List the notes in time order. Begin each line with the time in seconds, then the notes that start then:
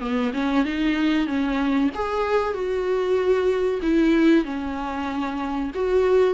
0.00 B3
0.34 C#4
0.65 D#4
1.27 C#4
1.94 G#4
2.54 F#4
3.82 E4
4.44 C#4
5.74 F#4